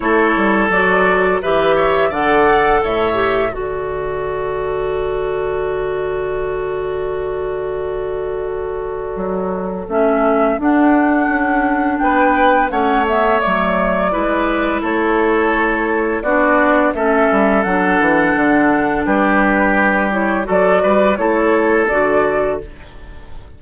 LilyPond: <<
  \new Staff \with { instrumentName = "flute" } { \time 4/4 \tempo 4 = 85 cis''4 d''4 e''4 fis''4 | e''4 d''2.~ | d''1~ | d''2 e''4 fis''4~ |
fis''4 g''4 fis''8 e''8 d''4~ | d''4 cis''2 d''4 | e''4 fis''2 b'4~ | b'8 cis''8 d''4 cis''4 d''4 | }
  \new Staff \with { instrumentName = "oboe" } { \time 4/4 a'2 b'8 cis''8 d''4 | cis''4 a'2.~ | a'1~ | a'1~ |
a'4 b'4 cis''2 | b'4 a'2 fis'4 | a'2. g'4~ | g'4 a'8 b'8 a'2 | }
  \new Staff \with { instrumentName = "clarinet" } { \time 4/4 e'4 fis'4 g'4 a'4~ | a'8 g'8 fis'2.~ | fis'1~ | fis'2 cis'4 d'4~ |
d'2 cis'8 b8 a4 | e'2. d'4 | cis'4 d'2.~ | d'8 e'8 fis'4 e'4 fis'4 | }
  \new Staff \with { instrumentName = "bassoon" } { \time 4/4 a8 g8 fis4 e4 d4 | a,4 d2.~ | d1~ | d4 fis4 a4 d'4 |
cis'4 b4 a4 fis4 | gis4 a2 b4 | a8 g8 fis8 e8 d4 g4~ | g4 fis8 g8 a4 d4 | }
>>